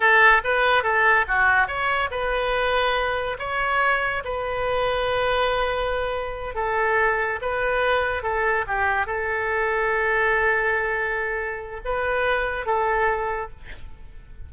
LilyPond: \new Staff \with { instrumentName = "oboe" } { \time 4/4 \tempo 4 = 142 a'4 b'4 a'4 fis'4 | cis''4 b'2. | cis''2 b'2~ | b'2.~ b'8 a'8~ |
a'4. b'2 a'8~ | a'8 g'4 a'2~ a'8~ | a'1 | b'2 a'2 | }